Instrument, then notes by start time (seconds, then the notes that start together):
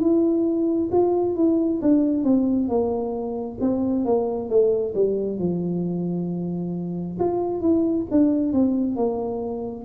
tuba
0.00 E4
0.92 F4
1.36 E4
1.82 D4
2.23 C4
2.69 A#3
3.61 C4
4.05 A#3
4.49 A3
4.95 G3
5.39 F3
7.20 F4
7.61 E4
8.11 D4
8.53 C4
8.96 A#3